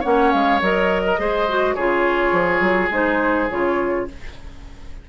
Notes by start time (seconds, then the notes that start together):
0.00 A#3 C#4 C#5 F#5
0.31 G#3 F5
0.61 F#3 A#4 D#5
1.06 A#4
1.18 G#3 G#4 C5
1.48 F#4
1.74 C#3 F4 G#4 C#5
2.32 F3
2.60 F#3
2.90 G#3 D#4 C5
3.50 C#3 F4 C#5